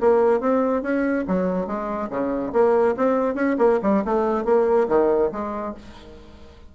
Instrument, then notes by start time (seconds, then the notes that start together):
bassoon
0.00 A#3
0.40 C4
0.82 C#4
1.27 F#3
1.66 G#3
2.09 C#3
2.52 A#3
2.96 C4
3.35 C#4
3.58 A#3
3.82 G3
4.05 A3
4.44 A#3
4.88 D#3
5.32 G#3